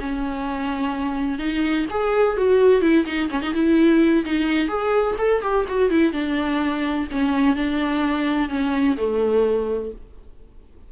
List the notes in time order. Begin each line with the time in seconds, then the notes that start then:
0.00 C#4
1.39 D#4
1.90 G#4
2.37 F#4
2.81 E4
3.06 D#4
3.30 C#4
3.42 D#4
3.53 E4
4.25 D#4
4.68 G#4
5.18 A4
5.42 G4
5.68 F#4
5.90 E4
6.13 D4
7.11 C#4
7.56 D4
8.49 C#4
8.97 A3